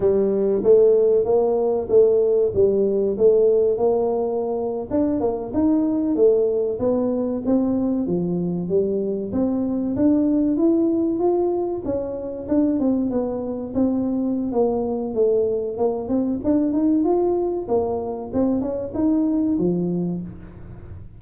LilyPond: \new Staff \with { instrumentName = "tuba" } { \time 4/4 \tempo 4 = 95 g4 a4 ais4 a4 | g4 a4 ais4.~ ais16 d'16~ | d'16 ais8 dis'4 a4 b4 c'16~ | c'8. f4 g4 c'4 d'16~ |
d'8. e'4 f'4 cis'4 d'16~ | d'16 c'8 b4 c'4~ c'16 ais4 | a4 ais8 c'8 d'8 dis'8 f'4 | ais4 c'8 cis'8 dis'4 f4 | }